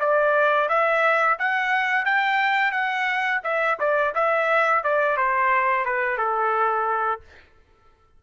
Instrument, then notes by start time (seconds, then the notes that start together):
trumpet
0.00 D5
0.69 E5
1.39 F#5
2.06 G5
2.72 F#5
3.44 E5
3.80 D5
4.15 E5
4.84 D5
5.17 C5
5.86 B4
6.18 A4